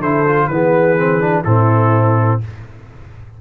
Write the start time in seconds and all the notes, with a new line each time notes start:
0.00 D3 E4 A4 C5
0.27 F4
0.48 E3 B3 G#4 B4
0.97 C4
1.21 D4
1.44 A2 C4 E4 A4